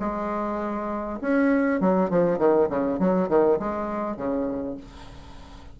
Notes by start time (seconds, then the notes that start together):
0.00 G#3
1.22 C#4
1.81 F#3
2.10 F3
2.39 D#3
2.70 C#3
2.99 F#3
3.29 D#3
3.59 G#3
4.17 C#3